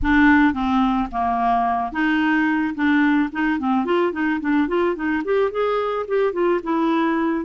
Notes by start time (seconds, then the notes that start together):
0.02 D4
0.53 C4
1.11 A#3
1.91 D#4
2.74 D4
3.32 D#4
3.59 C4
3.85 F4
4.12 D#4
4.40 D4
4.68 F4
4.95 D#4
5.24 G4
5.51 G#4
6.07 G4
6.33 F4
6.63 E4